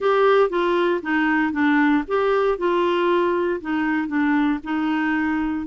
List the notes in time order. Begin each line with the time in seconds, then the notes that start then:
0.00 G4
0.49 F4
1.02 D#4
1.52 D4
2.07 G4
2.58 F4
3.61 D#4
4.07 D4
4.63 D#4